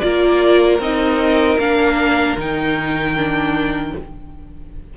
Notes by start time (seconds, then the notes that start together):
0.00 A#3 F4 A#4 D5
0.79 C4 D#4 D#5
1.59 A#3 D4 F5
2.37 D#3 D#4 G5
3.17 D4